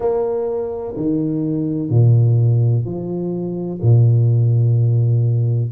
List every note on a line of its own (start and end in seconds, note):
0.00 0.94 A#3
0.96 1.89 D#3
1.89 2.84 A#2
2.84 3.80 F3
3.81 5.71 A#2